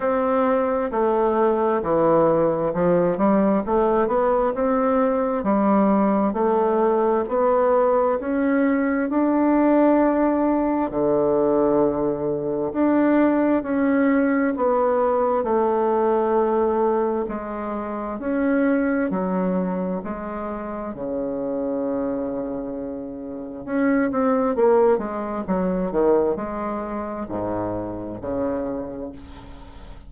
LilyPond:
\new Staff \with { instrumentName = "bassoon" } { \time 4/4 \tempo 4 = 66 c'4 a4 e4 f8 g8 | a8 b8 c'4 g4 a4 | b4 cis'4 d'2 | d2 d'4 cis'4 |
b4 a2 gis4 | cis'4 fis4 gis4 cis4~ | cis2 cis'8 c'8 ais8 gis8 | fis8 dis8 gis4 gis,4 cis4 | }